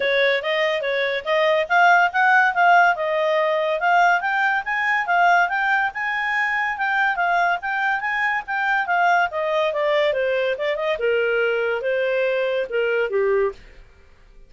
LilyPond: \new Staff \with { instrumentName = "clarinet" } { \time 4/4 \tempo 4 = 142 cis''4 dis''4 cis''4 dis''4 | f''4 fis''4 f''4 dis''4~ | dis''4 f''4 g''4 gis''4 | f''4 g''4 gis''2 |
g''4 f''4 g''4 gis''4 | g''4 f''4 dis''4 d''4 | c''4 d''8 dis''8 ais'2 | c''2 ais'4 g'4 | }